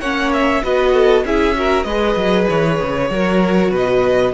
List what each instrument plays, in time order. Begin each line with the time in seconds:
0.00 cello A#3, viola C#4, violin C#5 F#5
0.33 violin E5
0.63 cello B3, viola F#4, violin B4 D#5
0.94 violin A4
1.25 cello C#4, viola E4, violin G#4 E5
1.55 viola F#4, violin A#4
1.84 cello G#3, viola G#4, violin B4 D#5
2.16 cello F#3
2.50 cello E3, violin C#5
2.82 cello C#3
3.09 cello F#3, viola F#4, violin A#4
3.71 cello B2, violin B4 D#5